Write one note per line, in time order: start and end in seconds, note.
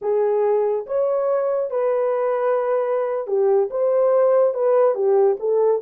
0.01 0.86 G#4
0.86 1.70 C#5
1.70 3.27 B4
3.27 3.69 G4
3.70 4.53 C5
4.53 4.94 B4
4.94 5.37 G4
5.39 5.81 A4